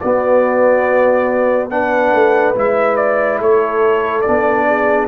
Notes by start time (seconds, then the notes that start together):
0.00 B3 F#4 D5
1.70 D4 B4 F#5
2.13 A3
2.55 G#3 E4 E5
2.97 D5
3.39 A3 A4 C#5
4.22 D4 D5
4.28 B3
4.67 G#4